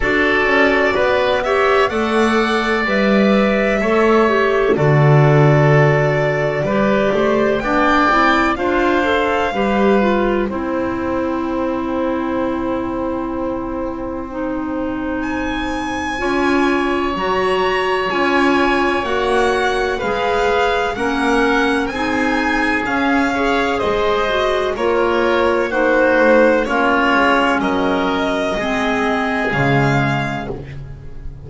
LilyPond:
<<
  \new Staff \with { instrumentName = "violin" } { \time 4/4 \tempo 4 = 63 d''4. e''8 fis''4 e''4~ | e''4 d''2. | g''4 f''2 g''4~ | g''1 |
gis''2 ais''4 gis''4 | fis''4 f''4 fis''4 gis''4 | f''4 dis''4 cis''4 c''4 | cis''4 dis''2 f''4 | }
  \new Staff \with { instrumentName = "oboe" } { \time 4/4 a'4 b'8 cis''8 d''2 | cis''4 a'2 b'8 c''8 | d''4 c''4 b'4 c''4~ | c''1~ |
c''4 cis''2.~ | cis''4 b'4 ais'4 gis'4~ | gis'8 cis''8 c''4 ais'4 fis'4 | f'4 ais'4 gis'2 | }
  \new Staff \with { instrumentName = "clarinet" } { \time 4/4 fis'4. g'8 a'4 b'4 | a'8 g'8 fis'2 g'4 | d'8 e'8 f'8 a'8 g'8 f'8 e'4~ | e'2. dis'4~ |
dis'4 f'4 fis'4 f'4 | fis'4 gis'4 cis'4 dis'4 | cis'8 gis'4 fis'8 f'4 dis'4 | cis'2 c'4 gis4 | }
  \new Staff \with { instrumentName = "double bass" } { \time 4/4 d'8 cis'8 b4 a4 g4 | a4 d2 g8 a8 | b8 c'8 d'4 g4 c'4~ | c'1~ |
c'4 cis'4 fis4 cis'4 | ais4 gis4 ais4 c'4 | cis'4 gis4 ais4. a8 | ais8 gis8 fis4 gis4 cis4 | }
>>